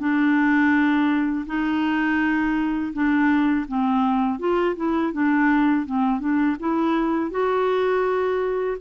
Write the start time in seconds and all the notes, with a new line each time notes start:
0.00 D4
1.47 D#4
2.94 D4
3.69 C4
4.40 F4
4.77 E4
5.13 D4
5.87 C4
6.21 D4
6.60 E4
7.31 F#4